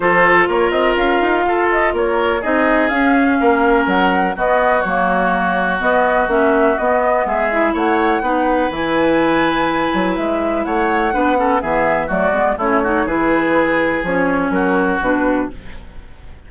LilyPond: <<
  \new Staff \with { instrumentName = "flute" } { \time 4/4 \tempo 4 = 124 c''4 cis''8 dis''8 f''4. dis''8 | cis''4 dis''4 f''2 | fis''4 dis''4 cis''2 | dis''4 e''4 dis''4 e''4 |
fis''2 gis''2~ | gis''4 e''4 fis''2 | e''4 d''4 cis''4 b'4~ | b'4 cis''4 ais'4 b'4 | }
  \new Staff \with { instrumentName = "oboe" } { \time 4/4 a'4 ais'2 a'4 | ais'4 gis'2 ais'4~ | ais'4 fis'2.~ | fis'2. gis'4 |
cis''4 b'2.~ | b'2 cis''4 b'8 a'8 | gis'4 fis'4 e'8 fis'8 gis'4~ | gis'2 fis'2 | }
  \new Staff \with { instrumentName = "clarinet" } { \time 4/4 f'1~ | f'4 dis'4 cis'2~ | cis'4 b4 ais2 | b4 cis'4 b4. e'8~ |
e'4 dis'4 e'2~ | e'2. d'8 cis'8 | b4 a8 b8 cis'8 dis'8 e'4~ | e'4 cis'2 d'4 | }
  \new Staff \with { instrumentName = "bassoon" } { \time 4/4 f4 ais8 c'8 cis'8 dis'8 f'4 | ais4 c'4 cis'4 ais4 | fis4 b4 fis2 | b4 ais4 b4 gis4 |
a4 b4 e2~ | e8 fis8 gis4 a4 b4 | e4 fis8 gis8 a4 e4~ | e4 f4 fis4 b,4 | }
>>